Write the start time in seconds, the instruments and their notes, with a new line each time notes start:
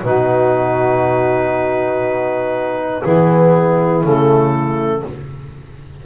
0.00 double bass B2, trombone D#4, saxophone F#4, clarinet B4
3.00 double bass E3, trombone B3, saxophone E4, clarinet G#4
4.03 double bass C#3, trombone A3, clarinet A4